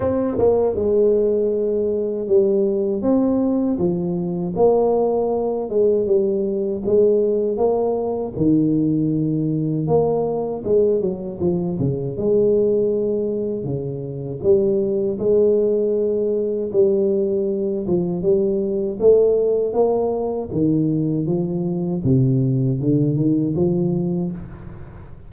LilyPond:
\new Staff \with { instrumentName = "tuba" } { \time 4/4 \tempo 4 = 79 c'8 ais8 gis2 g4 | c'4 f4 ais4. gis8 | g4 gis4 ais4 dis4~ | dis4 ais4 gis8 fis8 f8 cis8 |
gis2 cis4 g4 | gis2 g4. f8 | g4 a4 ais4 dis4 | f4 c4 d8 dis8 f4 | }